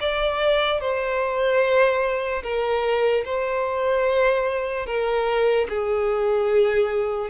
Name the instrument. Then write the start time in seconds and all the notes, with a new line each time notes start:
violin
0.00 D5
0.80 C5
2.43 A#4
3.24 C5
4.86 A#4
5.69 G#4